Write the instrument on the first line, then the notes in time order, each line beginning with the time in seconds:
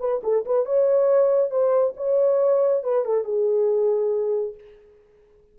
horn
0.00 B4
0.24 A4
0.46 B4
0.66 C#5
1.51 C5
1.97 C#5
2.84 B4
3.05 A4
3.24 G#4